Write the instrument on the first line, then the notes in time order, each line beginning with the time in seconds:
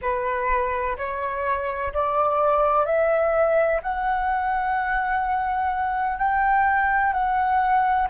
flute
0.01 B4
0.97 C#5
1.93 D5
2.85 E5
3.82 F#5
6.18 G5
7.12 F#5